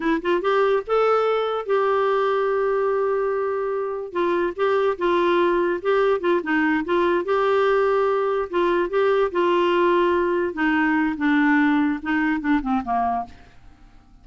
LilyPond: \new Staff \with { instrumentName = "clarinet" } { \time 4/4 \tempo 4 = 145 e'8 f'8 g'4 a'2 | g'1~ | g'2 f'4 g'4 | f'2 g'4 f'8 dis'8~ |
dis'8 f'4 g'2~ g'8~ | g'8 f'4 g'4 f'4.~ | f'4. dis'4. d'4~ | d'4 dis'4 d'8 c'8 ais4 | }